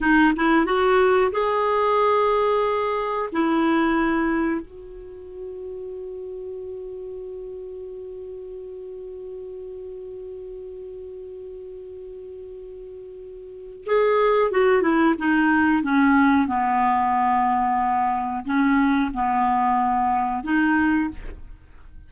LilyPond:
\new Staff \with { instrumentName = "clarinet" } { \time 4/4 \tempo 4 = 91 dis'8 e'8 fis'4 gis'2~ | gis'4 e'2 fis'4~ | fis'1~ | fis'1~ |
fis'1~ | fis'4 gis'4 fis'8 e'8 dis'4 | cis'4 b2. | cis'4 b2 dis'4 | }